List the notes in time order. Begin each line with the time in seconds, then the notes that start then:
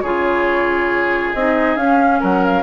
0.00 C#3 F4 G#4 C#5
1.33 C4 D#4 D#5
1.76 C#4 F5
2.20 F#3 A#4 F#5
2.44 F5